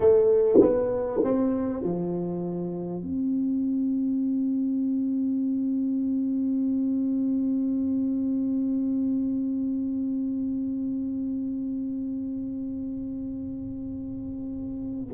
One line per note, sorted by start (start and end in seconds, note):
0.00 0.60 A3
0.60 1.21 B3
1.23 1.82 C4
1.82 3.02 F3
3.02 15.13 C4